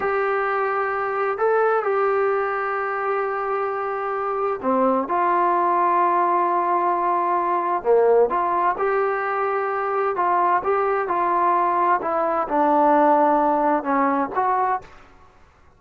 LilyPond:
\new Staff \with { instrumentName = "trombone" } { \time 4/4 \tempo 4 = 130 g'2. a'4 | g'1~ | g'2 c'4 f'4~ | f'1~ |
f'4 ais4 f'4 g'4~ | g'2 f'4 g'4 | f'2 e'4 d'4~ | d'2 cis'4 fis'4 | }